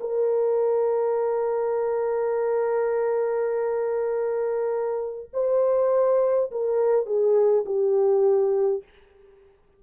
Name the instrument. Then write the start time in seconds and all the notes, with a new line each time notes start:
horn
0.00 A#4
5.33 C5
6.51 A#4
7.06 G#4
7.65 G4